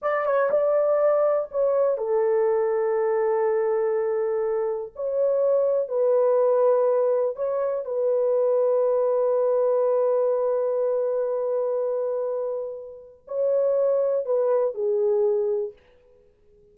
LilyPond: \new Staff \with { instrumentName = "horn" } { \time 4/4 \tempo 4 = 122 d''8 cis''8 d''2 cis''4 | a'1~ | a'2 cis''2 | b'2. cis''4 |
b'1~ | b'1~ | b'2. cis''4~ | cis''4 b'4 gis'2 | }